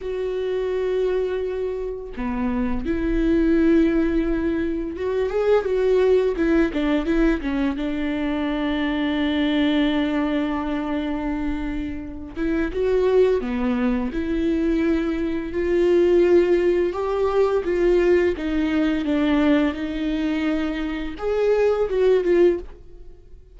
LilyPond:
\new Staff \with { instrumentName = "viola" } { \time 4/4 \tempo 4 = 85 fis'2. b4 | e'2. fis'8 gis'8 | fis'4 e'8 d'8 e'8 cis'8 d'4~ | d'1~ |
d'4. e'8 fis'4 b4 | e'2 f'2 | g'4 f'4 dis'4 d'4 | dis'2 gis'4 fis'8 f'8 | }